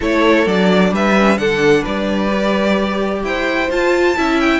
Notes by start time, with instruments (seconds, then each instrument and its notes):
0.00 cello A3, viola E4, violin A4 C#5
0.46 cello F#3, viola D4, violin D5
0.91 cello G3, violin B4 E5
1.18 viola C#4
1.37 cello D3, viola D4, violin A4 F#5
1.81 cello G3, violin B4 D5
2.29 viola G4
3.23 cello E4, violin C5 G5
3.70 cello F4, viola F4, violin A5
4.16 cello C#4, viola E4, violin E5
4.40 violin G5